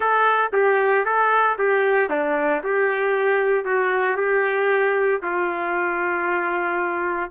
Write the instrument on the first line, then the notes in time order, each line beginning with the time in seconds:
trumpet
0.00 A4
0.52 G4
1.05 A4
1.58 G4
2.09 D4
2.63 G4
3.65 F#4
4.16 G4
5.22 F4